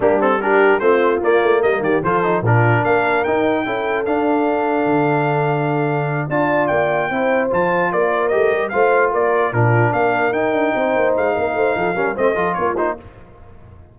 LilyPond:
<<
  \new Staff \with { instrumentName = "trumpet" } { \time 4/4 \tempo 4 = 148 g'8 a'8 ais'4 c''4 d''4 | dis''8 d''8 c''4 ais'4 f''4 | g''2 f''2~ | f''2.~ f''8 a''8~ |
a''8 g''2 a''4 d''8~ | d''8 dis''4 f''4 d''4 ais'8~ | ais'8 f''4 g''2 f''8~ | f''2 dis''4 cis''8 c''8 | }
  \new Staff \with { instrumentName = "horn" } { \time 4/4 d'4 g'4 f'2 | ais'8 g'8 a'4 f'4 ais'4~ | ais'4 a'2.~ | a'2.~ a'8 d''8~ |
d''4. c''2 ais'8~ | ais'4. c''4 ais'4 f'8~ | f'8 ais'2 c''4. | ais'8 c''8 a'8 ais'8 c''8 a'8 f'4 | }
  \new Staff \with { instrumentName = "trombone" } { \time 4/4 ais8 c'8 d'4 c'4 ais4~ | ais4 f'8 dis'8 d'2 | dis'4 e'4 d'2~ | d'2.~ d'8 f'8~ |
f'4. e'4 f'4.~ | f'8 g'4 f'2 d'8~ | d'4. dis'2~ dis'8~ | dis'4. cis'8 c'8 f'4 dis'8 | }
  \new Staff \with { instrumentName = "tuba" } { \time 4/4 g2 a4 ais8 a8 | g8 dis8 f4 ais,4 ais4 | dis'4 cis'4 d'2 | d2.~ d8 d'8~ |
d'8 ais4 c'4 f4 ais8~ | ais8 a8 g8 a4 ais4 ais,8~ | ais,8 ais4 dis'8 d'8 c'8 ais8 gis8 | ais8 a8 f8 g8 a8 f8 ais4 | }
>>